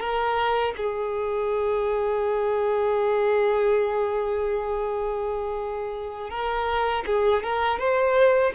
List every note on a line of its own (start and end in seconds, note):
0.00 0.74 A#4
0.77 6.30 G#4
6.30 7.04 A#4
7.06 7.43 G#4
7.43 7.79 A#4
7.79 8.53 C5